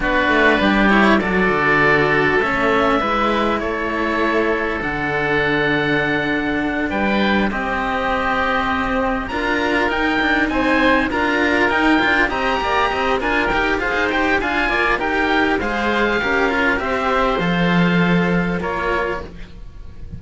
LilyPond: <<
  \new Staff \with { instrumentName = "oboe" } { \time 4/4 \tempo 4 = 100 b'4. cis''8 d''2 | e''2 cis''2 | fis''2.~ fis''8 g''8~ | g''8 dis''2. ais''8~ |
ais''8 g''4 gis''4 ais''4 g''8~ | g''8 ais''4. gis''8 g''8 f''8 g''8 | gis''4 g''4 f''2 | e''4 f''2 cis''4 | }
  \new Staff \with { instrumentName = "oboe" } { \time 4/4 fis'4 g'4 a'2~ | a'4 b'4 a'2~ | a'2.~ a'8 b'8~ | b'8 g'2. ais'8~ |
ais'4. c''4 ais'4.~ | ais'8 dis''8 d''8 dis''8 ais'4 c''4 | f''8 d''8 ais'4 c''4 ais'4 | c''2. ais'4 | }
  \new Staff \with { instrumentName = "cello" } { \time 4/4 d'4. e'8 fis'2 | cis'4 e'2. | d'1~ | d'8 c'2. f'8~ |
f'8 dis'2 f'4 dis'8 | f'8 g'4. f'8 g'8 gis'8 g'8 | f'4 g'4 gis'4 g'8 f'8 | g'4 a'2 f'4 | }
  \new Staff \with { instrumentName = "cello" } { \time 4/4 b8 a8 g4 fis8 d4. | a4 gis4 a2 | d2.~ d8 g8~ | g8 c'2. d'8~ |
d'8 dis'8 d'8 c'4 d'4 dis'8 | d'8 c'8 ais8 c'8 d'8 dis'8 f'16 dis'8. | d'8 ais8 dis'4 gis4 cis'4 | c'4 f2 ais4 | }
>>